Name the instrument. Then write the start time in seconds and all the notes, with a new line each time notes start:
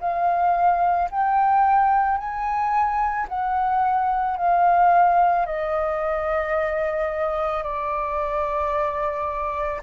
flute
0.00 F5
1.11 G5
2.17 G#5
3.28 F#5
4.36 F5
5.45 D#5
7.63 D5